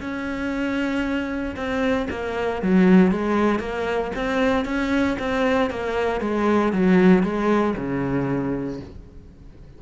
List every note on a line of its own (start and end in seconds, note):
0.00 1.55 C#4
1.56 2.08 C4
2.10 2.62 A#3
2.62 3.11 F#3
3.11 3.59 G#3
3.59 4.11 A#3
4.15 4.65 C4
4.65 5.17 C#4
5.19 5.70 C4
5.70 6.21 A#3
6.21 6.72 G#3
6.72 7.23 F#3
7.23 7.74 G#3
7.77 8.80 C#3